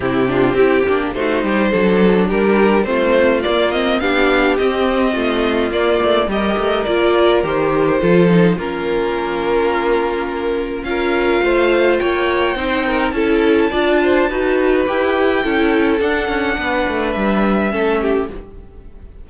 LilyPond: <<
  \new Staff \with { instrumentName = "violin" } { \time 4/4 \tempo 4 = 105 g'2 c''2 | ais'4 c''4 d''8 dis''8 f''4 | dis''2 d''4 dis''4 | d''4 c''2 ais'4~ |
ais'2. f''4~ | f''4 g''2 a''4~ | a''2 g''2 | fis''2 e''2 | }
  \new Staff \with { instrumentName = "violin" } { \time 4/4 e'8 f'8 g'4 fis'8 g'8 a'4 | g'4 f'2 g'4~ | g'4 f'2 ais'4~ | ais'2 a'4 f'4~ |
f'2. ais'4 | c''4 cis''4 c''8 ais'8 a'4 | d''8 c''8 b'2 a'4~ | a'4 b'2 a'8 g'8 | }
  \new Staff \with { instrumentName = "viola" } { \time 4/4 c'8 d'8 e'8 d'8 dis'4 d'4~ | d'4 c'4 ais8 c'8 d'4 | c'2 ais4 g'4 | f'4 g'4 f'8 dis'8 cis'4~ |
cis'2. f'4~ | f'2 dis'4 e'4 | f'4 fis'4 g'4 e'4 | d'2. cis'4 | }
  \new Staff \with { instrumentName = "cello" } { \time 4/4 c4 c'8 ais8 a8 g8 fis4 | g4 a4 ais4 b4 | c'4 a4 ais8 a8 g8 a8 | ais4 dis4 f4 ais4~ |
ais2. cis'4 | a4 ais4 c'4 cis'4 | d'4 dis'4 e'4 cis'4 | d'8 cis'8 b8 a8 g4 a4 | }
>>